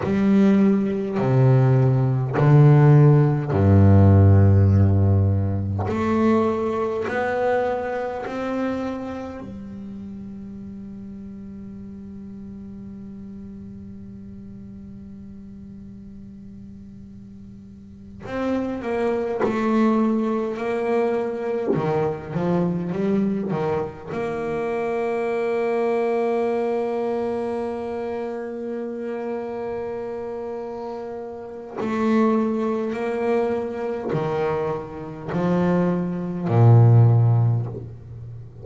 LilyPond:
\new Staff \with { instrumentName = "double bass" } { \time 4/4 \tempo 4 = 51 g4 c4 d4 g,4~ | g,4 a4 b4 c'4 | g1~ | g2.~ g8 c'8 |
ais8 a4 ais4 dis8 f8 g8 | dis8 ais2.~ ais8~ | ais2. a4 | ais4 dis4 f4 ais,4 | }